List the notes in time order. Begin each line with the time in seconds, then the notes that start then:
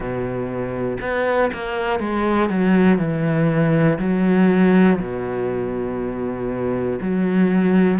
0.00 B2
1.00 B3
1.53 A#3
1.99 G#3
2.50 F#3
2.98 E3
3.98 F#3
4.99 B2
7.01 F#3